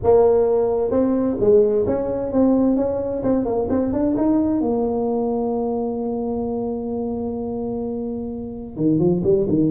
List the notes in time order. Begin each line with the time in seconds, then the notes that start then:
0.03 A#3
0.90 C4
1.40 G#3
1.86 C#4
2.32 C4
2.76 C#4
3.23 C4
3.45 A#3
3.69 C4
3.92 D4
4.16 D#4
4.60 A#3
8.76 D#3
8.98 F3
9.23 G3
9.48 D#3